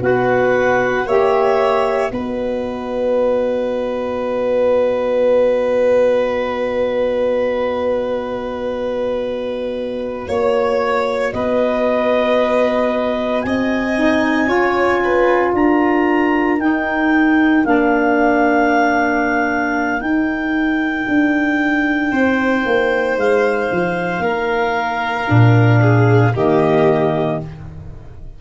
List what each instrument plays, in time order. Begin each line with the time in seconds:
0.00 tuba B3, saxophone F#4, violin B4, clarinet F#5
1.05 tuba A#3, saxophone G4, violin C#5, clarinet E5
2.10 tuba B3, saxophone F#4, violin B4, clarinet D#5
10.27 tuba A#3, clarinet C#5, violin C#5
11.32 tuba B3, violin B4, clarinet D#5
13.41 tuba C4, violin D#5, clarinet G#5
13.94 saxophone D#4
14.47 tuba C#4, saxophone F4, violin C#5
15.04 violin B4
15.53 tuba D4, violin A#4, clarinet A#5
16.58 tuba D#4, saxophone D#4, clarinet G5
17.64 tuba A#3, saxophone D4, clarinet F5
20.00 tuba D#4, saxophone D#4, clarinet G5
21.08 tuba D4
22.11 tuba C4, violin C5
22.65 tuba A#3
23.16 tuba G#3, clarinet F5
23.71 tuba F3
24.18 tuba A#3, violin A#4
25.24 tuba A#2, saxophone D4
25.81 violin G#4
26.34 tuba D#3, saxophone A#3, violin G4, clarinet D#5